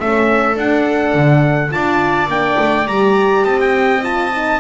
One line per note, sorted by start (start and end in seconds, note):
0.00 0.57 A3
0.00 0.55 C#4
0.00 1.74 A4
0.00 0.58 E5
0.55 1.70 D4
0.55 1.14 D4
0.55 1.72 F#5
1.15 1.72 D3
1.70 2.28 D4
1.70 2.28 F4
1.70 3.45 D5
1.70 2.30 A5
2.28 2.57 A#3
2.28 2.87 D4
2.28 2.88 G5
2.59 2.87 A3
2.87 3.45 G3
2.87 4.02 G4
2.87 3.45 A#5
3.45 4.60 C4
3.45 4.60 D#5
3.45 3.59 A5
3.61 4.04 G5
4.03 4.32 F4
4.03 4.60 A5
4.33 4.60 D#4